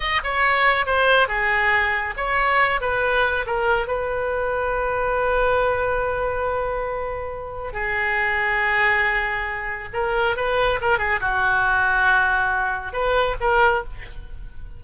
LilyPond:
\new Staff \with { instrumentName = "oboe" } { \time 4/4 \tempo 4 = 139 dis''8 cis''4. c''4 gis'4~ | gis'4 cis''4. b'4. | ais'4 b'2.~ | b'1~ |
b'2 gis'2~ | gis'2. ais'4 | b'4 ais'8 gis'8 fis'2~ | fis'2 b'4 ais'4 | }